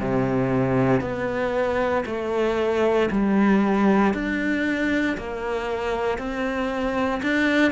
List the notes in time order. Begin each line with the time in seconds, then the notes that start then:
0.00 C3
1.01 B3
2.05 A3
3.11 G3
4.14 D4
5.17 A#3
6.18 C4
7.23 D4